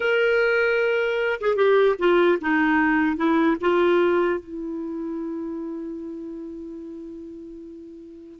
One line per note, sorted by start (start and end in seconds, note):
0.00 1.40 A#4
1.40 1.56 G#4
1.56 1.96 G4
1.99 2.39 F4
2.41 3.17 D#4
3.17 3.57 E4
3.61 4.40 F4
4.40 8.39 E4